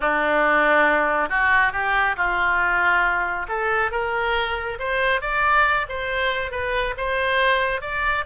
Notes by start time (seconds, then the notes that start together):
0.00 D4
1.29 F#4
1.72 G4
2.16 F4
3.48 A4
3.91 A#4
4.79 C5
5.21 D5
5.89 C5
6.51 B4
6.97 C5
7.81 D5